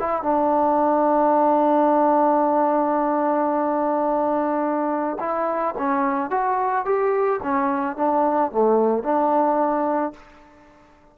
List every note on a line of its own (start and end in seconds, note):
0.00 0.23 E4
0.23 5.18 D4
5.20 5.75 E4
5.78 6.31 C#4
6.31 6.86 F#4
6.86 7.41 G4
7.43 7.97 C#4
7.97 8.52 D4
8.52 9.04 A3
9.04 10.14 D4